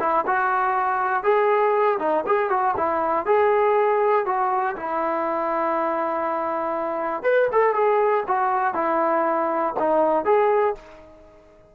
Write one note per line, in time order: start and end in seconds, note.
0.00 0.25 E4
0.27 1.23 F#4
1.23 1.98 G#4
1.99 2.24 D#4
2.27 2.50 G#4
2.50 2.75 F#4
2.77 3.26 E4
3.26 4.26 G#4
4.26 4.76 F#4
4.76 7.23 E4
7.23 7.48 B4
7.52 7.74 A4
7.74 8.24 G#4
8.27 8.74 F#4
8.74 9.74 E4
9.79 10.25 D#4
10.25 10.75 G#4